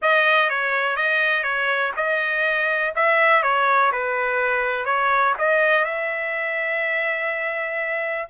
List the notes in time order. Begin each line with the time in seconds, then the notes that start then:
0.02 D#5
0.49 C#5
0.96 D#5
1.43 C#5
1.96 D#5
2.95 E5
3.42 C#5
3.92 B4
4.85 C#5
5.38 D#5
5.84 E5